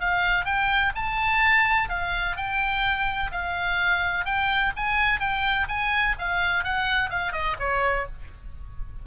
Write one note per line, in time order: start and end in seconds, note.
0.00 0.45 F5
0.45 0.93 G5
0.95 1.89 A5
1.89 2.36 F5
2.37 3.31 G5
3.32 4.25 F5
4.25 4.72 G5
4.77 5.20 G#5
5.20 5.67 G5
5.68 6.16 G#5
6.19 6.64 F5
6.64 7.10 F#5
7.10 7.32 F5
7.32 7.56 D#5
7.59 8.06 C#5